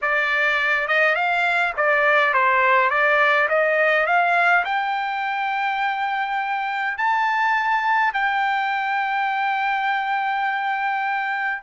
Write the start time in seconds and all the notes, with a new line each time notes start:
0.01 D5
0.87 D#5
1.15 F5
1.76 D5
2.33 C5
2.89 D5
3.48 D#5
4.06 F5
4.64 G5
6.97 A5
8.13 G5